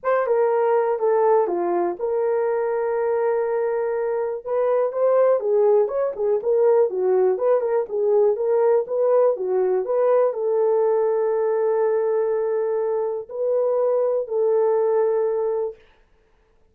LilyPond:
\new Staff \with { instrumentName = "horn" } { \time 4/4 \tempo 4 = 122 c''8 ais'4. a'4 f'4 | ais'1~ | ais'4 b'4 c''4 gis'4 | cis''8 gis'8 ais'4 fis'4 b'8 ais'8 |
gis'4 ais'4 b'4 fis'4 | b'4 a'2.~ | a'2. b'4~ | b'4 a'2. | }